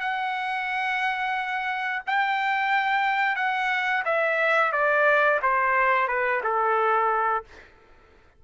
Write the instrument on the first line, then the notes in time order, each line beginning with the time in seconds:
trumpet
0.00 F#5
2.07 G5
3.36 F#5
4.05 E5
4.72 D5
5.42 C5
6.08 B4
6.43 A4